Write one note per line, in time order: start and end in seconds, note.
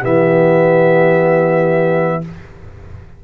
0.00 2.25 E3
0.00 2.22 B3
0.00 2.20 G4
0.00 2.24 E5